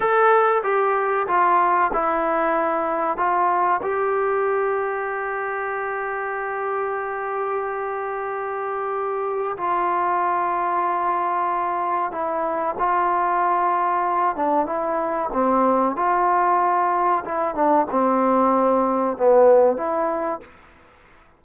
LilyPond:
\new Staff \with { instrumentName = "trombone" } { \time 4/4 \tempo 4 = 94 a'4 g'4 f'4 e'4~ | e'4 f'4 g'2~ | g'1~ | g'2. f'4~ |
f'2. e'4 | f'2~ f'8 d'8 e'4 | c'4 f'2 e'8 d'8 | c'2 b4 e'4 | }